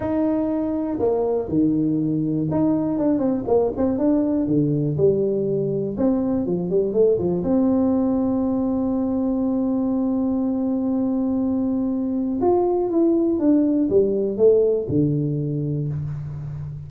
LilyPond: \new Staff \with { instrumentName = "tuba" } { \time 4/4 \tempo 4 = 121 dis'2 ais4 dis4~ | dis4 dis'4 d'8 c'8 ais8 c'8 | d'4 d4 g2 | c'4 f8 g8 a8 f8 c'4~ |
c'1~ | c'1~ | c'4 f'4 e'4 d'4 | g4 a4 d2 | }